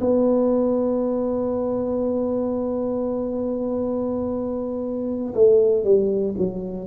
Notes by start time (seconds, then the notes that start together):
0.00 B3
5.34 A3
5.83 G3
6.37 F#3